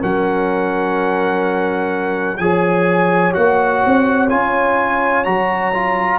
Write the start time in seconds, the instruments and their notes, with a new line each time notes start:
0.00 tuba F#3, trombone C#4, horn A#4, trumpet F#5
2.38 tuba F3, trombone G#4, horn C#5, trumpet G#5
3.33 tuba A#3, trombone F#4, trumpet F#5
3.86 tuba C4
4.30 tuba C#4, trombone F4, trumpet G#5
5.25 tuba F#3, trombone F#4, trumpet A#5
5.74 trombone F4